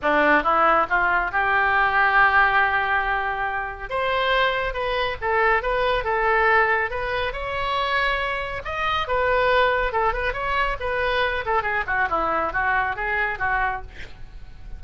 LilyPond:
\new Staff \with { instrumentName = "oboe" } { \time 4/4 \tempo 4 = 139 d'4 e'4 f'4 g'4~ | g'1~ | g'4 c''2 b'4 | a'4 b'4 a'2 |
b'4 cis''2. | dis''4 b'2 a'8 b'8 | cis''4 b'4. a'8 gis'8 fis'8 | e'4 fis'4 gis'4 fis'4 | }